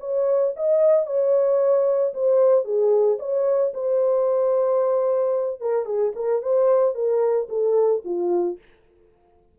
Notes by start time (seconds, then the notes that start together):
0.00 C#5
0.56 D#5
1.07 C#5
2.14 C5
2.65 G#4
3.19 C#5
3.74 C5
5.61 A#4
5.86 G#4
6.16 A#4
6.42 C5
6.95 A#4
7.49 A4
8.05 F4